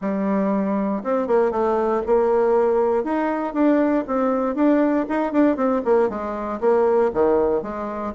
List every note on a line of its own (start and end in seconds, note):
0.01 1.03 G3
1.03 1.27 C4
1.27 1.51 A#3
1.51 2.02 A3
2.06 3.03 A#3
3.03 3.53 D#4
3.53 4.04 D4
4.07 4.55 C4
4.55 5.05 D4
5.08 5.32 D#4
5.32 5.56 D4
5.56 5.81 C4
5.84 6.09 A#3
6.09 6.60 G#3
6.60 7.11 A#3
7.13 7.62 D#3
7.62 8.13 G#3